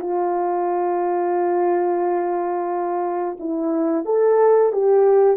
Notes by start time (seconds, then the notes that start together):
0.00 F4
3.40 E4
4.05 A4
4.73 G4